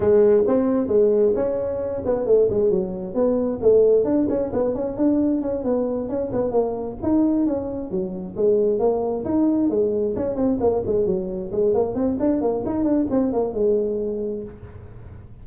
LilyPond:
\new Staff \with { instrumentName = "tuba" } { \time 4/4 \tempo 4 = 133 gis4 c'4 gis4 cis'4~ | cis'8 b8 a8 gis8 fis4 b4 | a4 d'8 cis'8 b8 cis'8 d'4 | cis'8 b4 cis'8 b8 ais4 dis'8~ |
dis'8 cis'4 fis4 gis4 ais8~ | ais8 dis'4 gis4 cis'8 c'8 ais8 | gis8 fis4 gis8 ais8 c'8 d'8 ais8 | dis'8 d'8 c'8 ais8 gis2 | }